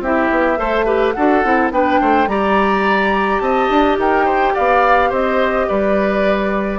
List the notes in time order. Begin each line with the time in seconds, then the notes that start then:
0.00 C4 E4 G4 E5
0.30 B3
0.57 A3 A4 C5
0.85 G4 B4
1.12 D4 F#4 A4 F#5
1.44 C4 E4
1.71 B3 D4 B4 G5
2.00 A3 C5
2.27 G3 G4 D5 A#5
3.40 C4 D#5 A5
3.69 D4
3.98 D#4 A#4 G5
4.25 C5
4.54 B3 D5 F5
5.10 C4 C5 D#5
5.68 G3 B4 D5